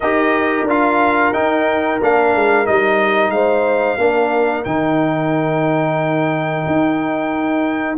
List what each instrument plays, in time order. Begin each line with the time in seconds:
0.00 tuba D#4, trombone G4, horn A#4, trumpet D#5
0.64 tuba D4, trombone F4, trumpet F5
1.33 tuba D#4, trombone D#4, trumpet G5
2.01 tuba A#3, trombone D4, trumpet F5
2.34 tuba G#3
2.65 tuba G3, trombone D#4, trumpet D#5
3.30 tuba G#3, horn C5, trumpet F5
3.97 tuba A#3, trombone D4, horn A#4
4.64 tuba D#3, trombone D#4, trumpet G5
6.66 tuba D#4